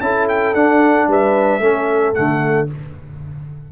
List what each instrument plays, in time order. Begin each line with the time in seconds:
0.00 tuba C#4, trombone E4, horn A4, trumpet A5
0.28 trumpet G5
0.54 tuba D4, trombone D4, trumpet F#5
1.07 tuba G3, horn B4, trumpet E5
1.59 tuba A3, trombone C#4, horn A4
2.13 tuba D3, trombone A3, trumpet F#5